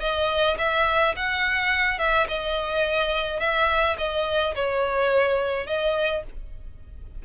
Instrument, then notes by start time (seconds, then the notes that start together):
violin
0.00 D#5
0.58 E5
1.16 F#5
1.98 E5
2.28 D#5
3.40 E5
3.98 D#5
4.55 C#5
5.66 D#5